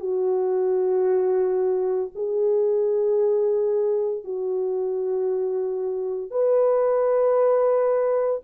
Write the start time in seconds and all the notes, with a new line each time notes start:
0.00 F#4
2.15 G#4
4.24 F#4
6.31 B4